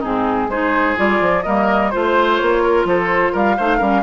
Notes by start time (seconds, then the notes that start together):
0.00 G#2 C4 D#4 G#4
0.49 G#3 D#4 G#4 C5
0.97 G3 F4 D5
1.21 F3
1.43 G3 A#3 A#4 D#5
1.91 A3 F4 C5
2.37 A#3 C#5
2.63 A#4
2.85 F3 A4 C5
3.33 G3 A#4 F5
3.57 A3 D#4 C5
3.78 G3 C#4 A#4